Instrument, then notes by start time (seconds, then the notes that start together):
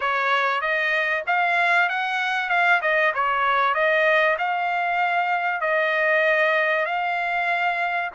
trumpet
0.00 C#5
0.61 D#5
1.26 F5
1.89 F#5
2.49 F5
2.81 D#5
3.14 C#5
3.74 D#5
4.38 F5
5.61 D#5
6.85 F5